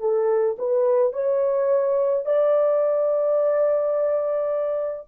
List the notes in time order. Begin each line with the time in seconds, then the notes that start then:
0.00 A4
0.59 B4
1.13 C#5
2.26 D5